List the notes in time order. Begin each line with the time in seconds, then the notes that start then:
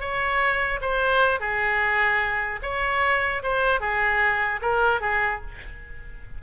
0.00 C#5
0.81 C5
1.40 G#4
2.62 C#5
3.43 C5
3.80 G#4
4.61 A#4
5.01 G#4